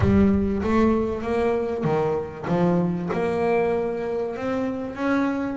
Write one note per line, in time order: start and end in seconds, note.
0.00 0.62 G3
0.62 1.22 A3
1.22 1.84 A#3
1.84 2.45 D#3
2.47 3.09 F3
3.12 4.36 A#3
4.36 4.95 C4
4.95 5.57 C#4